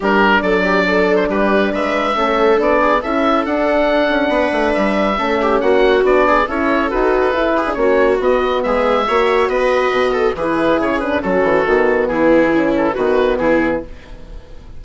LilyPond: <<
  \new Staff \with { instrumentName = "oboe" } { \time 4/4 \tempo 4 = 139 ais'4 d''4.~ d''16 c''16 b'4 | e''2 d''4 e''4 | fis''2. e''4~ | e''4 fis''4 d''4 cis''4 |
b'2 cis''4 dis''4 | e''2 dis''2 | b'4 cis''8 b'8 a'2 | gis'4. a'8 b'4 gis'4 | }
  \new Staff \with { instrumentName = "viola" } { \time 4/4 g'4 a'8 g'8 a'4 g'4 | b'4 a'4. gis'8 a'4~ | a'2 b'2 | a'8 g'8 fis'4. gis'8 a'4~ |
a'4. gis'8 fis'2 | gis'4 cis''4 b'4. a'8 | gis'2 fis'2 | e'2 fis'4 e'4 | }
  \new Staff \with { instrumentName = "horn" } { \time 4/4 d'1~ | d'4 cis'4 d'4 e'4 | d'1 | cis'2 d'4 e'4 |
fis'4 e'8. d'16 cis'4 b4~ | b4 fis'2. | e'4. d'8 cis'4 b4~ | b4 cis'4 b2 | }
  \new Staff \with { instrumentName = "bassoon" } { \time 4/4 g4 fis2 g4 | gis4 a4 b4 cis'4 | d'4. cis'8 b8 a8 g4 | a4 ais4 b4 cis'4 |
dis'4 e'4 ais4 b4 | gis4 ais4 b4 b,4 | e4 cis4 fis8 e8 dis4 | e2 dis4 e4 | }
>>